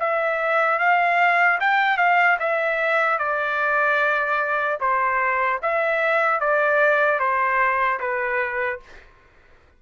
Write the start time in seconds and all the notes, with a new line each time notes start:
0.00 E5
0.79 F5
1.61 G5
1.97 F5
2.40 E5
3.19 D5
4.80 C5
5.62 E5
6.41 D5
7.20 C5
8.00 B4